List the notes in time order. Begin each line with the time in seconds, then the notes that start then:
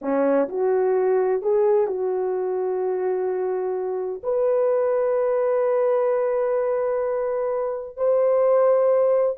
0.01 C#4
0.49 F#4
1.42 G#4
1.87 F#4
4.23 B4
7.96 C5